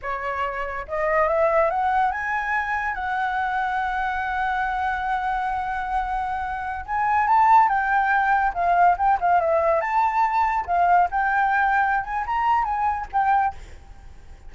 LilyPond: \new Staff \with { instrumentName = "flute" } { \time 4/4 \tempo 4 = 142 cis''2 dis''4 e''4 | fis''4 gis''2 fis''4~ | fis''1~ | fis''1~ |
fis''16 gis''4 a''4 g''4.~ g''16~ | g''16 f''4 g''8 f''8 e''4 a''8.~ | a''4~ a''16 f''4 g''4.~ g''16~ | g''8 gis''8 ais''4 gis''4 g''4 | }